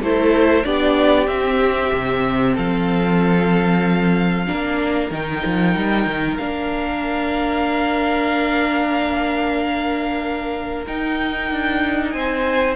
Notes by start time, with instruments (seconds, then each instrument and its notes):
0.00 cello A3, viola E4, violin A4 C5
0.64 cello B3, viola D4, violin G4 D5
1.28 cello C4, viola C4, violin E5
1.93 cello C3
2.54 cello F3, violin A4 F5
4.47 cello A#3, viola D4, violin A#4
5.11 cello D#3, viola D#4, violin G5
5.45 cello F3
5.76 cello G3
6.06 cello D#3
6.37 cello A#3, viola D4, violin F5
10.87 viola D#4, cello D#4, violin G5
11.51 cello D4
12.10 cello C4, violin C5 G#5